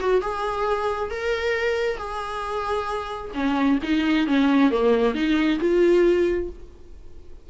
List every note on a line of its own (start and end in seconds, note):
0.00 0.21 F#4
0.21 1.11 G#4
1.11 1.97 A#4
1.97 3.32 G#4
3.34 3.79 C#4
3.83 4.27 D#4
4.27 4.71 C#4
4.71 5.14 A#3
5.14 5.59 D#4
5.60 6.49 F4